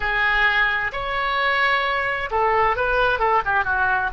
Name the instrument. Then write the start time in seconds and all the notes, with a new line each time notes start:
oboe
0.00 G#4
0.92 C#5
2.30 A4
2.76 B4
3.19 A4
3.45 G4
3.64 F#4